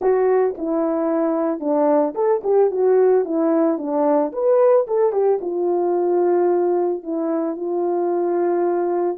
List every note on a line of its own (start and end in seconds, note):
0.01 0.55 F#4
0.57 1.59 E4
1.59 2.14 D4
2.14 2.42 A4
2.43 2.70 G4
2.70 3.24 F#4
3.24 3.77 E4
3.77 4.31 D4
4.32 4.86 B4
4.87 5.12 A4
5.12 5.39 G4
5.41 7.03 F4
7.03 7.56 E4
7.56 9.17 F4